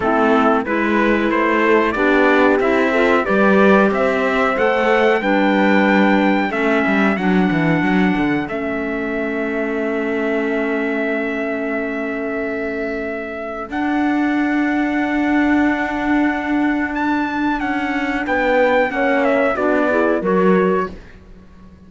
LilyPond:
<<
  \new Staff \with { instrumentName = "trumpet" } { \time 4/4 \tempo 4 = 92 a'4 b'4 c''4 d''4 | e''4 d''4 e''4 fis''4 | g''2 e''4 fis''4~ | fis''4 e''2.~ |
e''1~ | e''4 fis''2.~ | fis''2 a''4 fis''4 | g''4 fis''8 e''8 d''4 cis''4 | }
  \new Staff \with { instrumentName = "horn" } { \time 4/4 e'4 b'4. a'8 g'4~ | g'8 a'8 b'4 c''2 | b'2 a'2~ | a'1~ |
a'1~ | a'1~ | a'1 | b'4 cis''4 fis'8 gis'8 ais'4 | }
  \new Staff \with { instrumentName = "clarinet" } { \time 4/4 c'4 e'2 d'4 | e'8 f'8 g'2 a'4 | d'2 cis'4 d'4~ | d'4 cis'2.~ |
cis'1~ | cis'4 d'2.~ | d'1~ | d'4 cis'4 d'8 e'8 fis'4 | }
  \new Staff \with { instrumentName = "cello" } { \time 4/4 a4 gis4 a4 b4 | c'4 g4 c'4 a4 | g2 a8 g8 fis8 e8 | fis8 d8 a2.~ |
a1~ | a4 d'2.~ | d'2. cis'4 | b4 ais4 b4 fis4 | }
>>